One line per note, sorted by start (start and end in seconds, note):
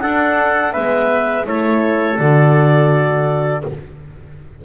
0.00 0.74 D4
0.00 0.76 D4
0.00 0.72 A4
0.00 0.72 F#5
0.72 1.46 G#3
0.72 1.44 B3
0.72 1.45 B4
0.72 1.45 E5
1.44 2.19 A3
1.44 2.16 E4
1.44 3.64 A4
1.44 2.18 C#5
2.17 3.64 D3
2.17 3.61 F#4
2.17 3.62 D5